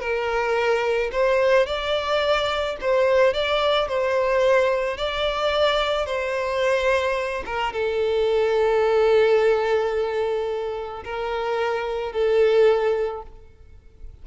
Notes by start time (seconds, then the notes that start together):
0.00 A#4
1.12 C5
1.66 D5
2.80 C5
3.33 D5
3.88 C5
4.97 D5
6.06 C5
7.45 A#4
7.73 A4
11.04 A#4
12.12 A4